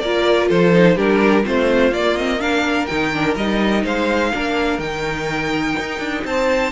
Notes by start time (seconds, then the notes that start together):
0.00 A#3 F4 A#4 D5
0.48 F3 A4 C5
0.72 D#4
0.95 G3 D4 G4 A#4
1.43 A3 C4 F4 C5
1.91 A#3 D5
2.17 C4 D#5
2.39 D4 A#4 F5
2.86 D#3 D#4 G5
3.13 D4
3.36 G3 D#4 D#5
3.84 G#3 C5 F5
4.33 A#3 D4 A#4
4.78 D#3 D#4 G5
5.79 D#4
5.99 D4
6.24 C4 C5 A5